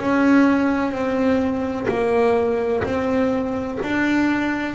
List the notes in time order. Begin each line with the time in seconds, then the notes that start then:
0.00 C#4
0.92 C4
1.88 A#3
2.84 C4
3.83 D4